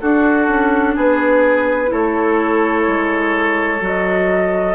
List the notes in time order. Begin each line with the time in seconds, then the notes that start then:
0.00 D4 F#4 A4
0.48 C#4
0.95 B3 G#4 B4
1.87 A3 E4 A4 C#5
2.87 G#3
3.80 F#3 F#4 D#5